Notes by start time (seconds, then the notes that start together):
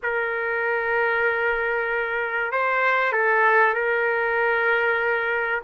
0.02 A#4
2.51 C5
3.12 A4
3.74 A#4